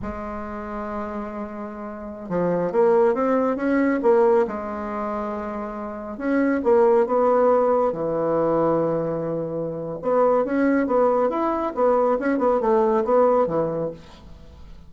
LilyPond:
\new Staff \with { instrumentName = "bassoon" } { \time 4/4 \tempo 4 = 138 gis1~ | gis4~ gis16 f4 ais4 c'8.~ | c'16 cis'4 ais4 gis4.~ gis16~ | gis2~ gis16 cis'4 ais8.~ |
ais16 b2 e4.~ e16~ | e2. b4 | cis'4 b4 e'4 b4 | cis'8 b8 a4 b4 e4 | }